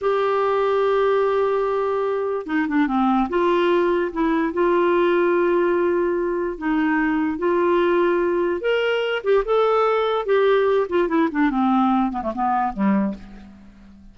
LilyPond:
\new Staff \with { instrumentName = "clarinet" } { \time 4/4 \tempo 4 = 146 g'1~ | g'2 dis'8 d'8 c'4 | f'2 e'4 f'4~ | f'1 |
dis'2 f'2~ | f'4 ais'4. g'8 a'4~ | a'4 g'4. f'8 e'8 d'8 | c'4. b16 a16 b4 g4 | }